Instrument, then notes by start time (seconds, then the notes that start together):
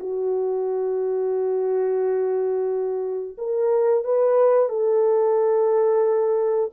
horn
0.00 F#4
3.38 A#4
4.04 B4
4.69 A4